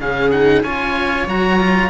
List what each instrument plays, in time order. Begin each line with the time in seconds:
0.00 cello C#3 C#4, viola G#4, oboe F5
0.31 cello D#4, oboe F#5
0.63 cello C#4 F4, viola C#5, oboe G#5
1.27 cello F#3 F#4, oboe A#5
1.60 cello F4